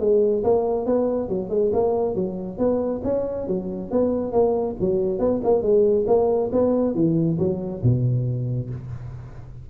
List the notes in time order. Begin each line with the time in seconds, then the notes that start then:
0.00 G#3
0.44 A#3
0.86 B3
1.29 F#3
1.50 G#3
1.73 A#3
2.15 F#3
2.58 B3
3.04 C#4
3.48 F#3
3.91 B3
4.32 A#3
4.80 F#3
5.19 B3
5.44 A#3
5.62 G#3
6.07 A#3
6.52 B3
6.95 E3
7.39 F#3
7.83 B2